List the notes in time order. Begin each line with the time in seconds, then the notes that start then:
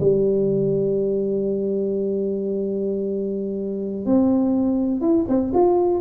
0.00 G3
4.06 C4
5.01 E4
5.28 C4
5.54 F4